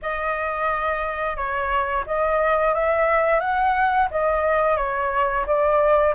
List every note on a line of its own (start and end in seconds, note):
0.02 1.36 D#5
1.36 2.04 C#5
2.06 2.74 D#5
2.74 3.40 E5
3.40 4.08 F#5
4.10 4.76 D#5
4.76 5.45 C#5
5.46 6.14 D5